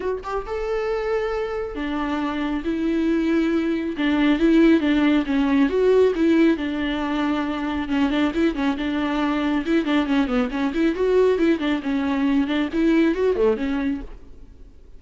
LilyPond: \new Staff \with { instrumentName = "viola" } { \time 4/4 \tempo 4 = 137 fis'8 g'8 a'2. | d'2 e'2~ | e'4 d'4 e'4 d'4 | cis'4 fis'4 e'4 d'4~ |
d'2 cis'8 d'8 e'8 cis'8 | d'2 e'8 d'8 cis'8 b8 | cis'8 e'8 fis'4 e'8 d'8 cis'4~ | cis'8 d'8 e'4 fis'8 a8 cis'4 | }